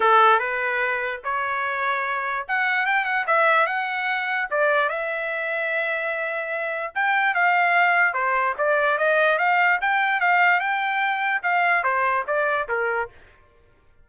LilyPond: \new Staff \with { instrumentName = "trumpet" } { \time 4/4 \tempo 4 = 147 a'4 b'2 cis''4~ | cis''2 fis''4 g''8 fis''8 | e''4 fis''2 d''4 | e''1~ |
e''4 g''4 f''2 | c''4 d''4 dis''4 f''4 | g''4 f''4 g''2 | f''4 c''4 d''4 ais'4 | }